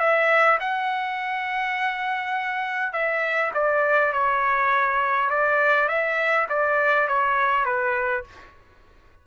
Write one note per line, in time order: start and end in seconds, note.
0.00 0.59 E5
0.60 2.93 F#5
2.93 3.52 E5
3.55 4.13 D5
4.13 5.30 C#5
5.30 5.89 D5
5.89 6.48 E5
6.49 7.08 D5
7.09 7.66 C#5
7.66 8.24 B4